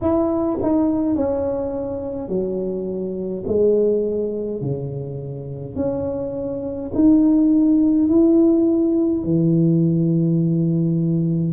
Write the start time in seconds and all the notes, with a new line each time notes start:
0.01 E4
0.62 D#4
1.15 C#4
2.28 F#3
3.47 G#3
4.61 C#3
5.75 C#4
6.94 D#4
8.08 E4
9.23 E3